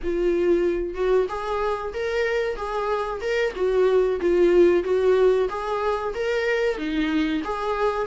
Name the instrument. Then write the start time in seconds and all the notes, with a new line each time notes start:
viola
0.03 F4
0.94 F#4
1.28 G#4
1.93 A#4
2.56 G#4
3.21 A#4
3.55 F#4
4.20 F4
4.83 F#4
5.49 G#4
6.14 A#4
6.77 D#4
7.44 G#4